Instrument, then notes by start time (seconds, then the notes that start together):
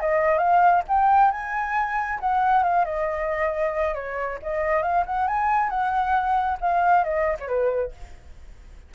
flute
0.00 D#5
0.38 F5
0.88 G5
1.31 G#5
2.20 F#5
2.63 F5
2.85 D#5
3.94 C#5
4.42 D#5
4.82 F5
5.06 F#5
5.28 G#5
5.70 F#5
6.61 F5
7.04 D#5
7.40 C#5
7.47 B4